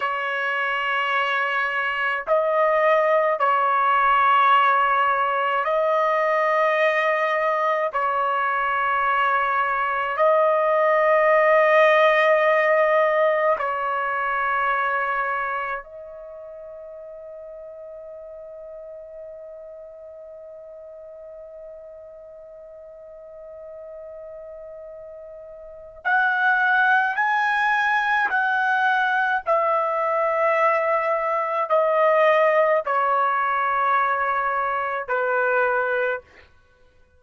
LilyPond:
\new Staff \with { instrumentName = "trumpet" } { \time 4/4 \tempo 4 = 53 cis''2 dis''4 cis''4~ | cis''4 dis''2 cis''4~ | cis''4 dis''2. | cis''2 dis''2~ |
dis''1~ | dis''2. fis''4 | gis''4 fis''4 e''2 | dis''4 cis''2 b'4 | }